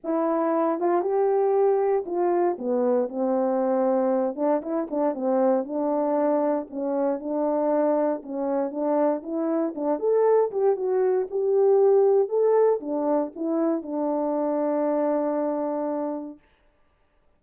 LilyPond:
\new Staff \with { instrumentName = "horn" } { \time 4/4 \tempo 4 = 117 e'4. f'8 g'2 | f'4 b4 c'2~ | c'8 d'8 e'8 d'8 c'4 d'4~ | d'4 cis'4 d'2 |
cis'4 d'4 e'4 d'8 a'8~ | a'8 g'8 fis'4 g'2 | a'4 d'4 e'4 d'4~ | d'1 | }